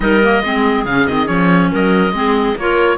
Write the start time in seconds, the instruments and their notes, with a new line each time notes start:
0.00 cello G3, clarinet D#4 A#4, oboe D#5
0.23 clarinet A#3
0.42 cello G#3, clarinet C4 G#4
0.85 cello C#3, clarinet C#4, oboe F5
1.07 cello D#3, clarinet C4, oboe D#5
1.25 cello F3, clarinet C#4, oboe C#5
1.71 cello F#3, clarinet A#4, oboe D#5
2.12 cello G#3, clarinet C4 G#4
2.55 cello A#3, clarinet F4 A#4, oboe C#5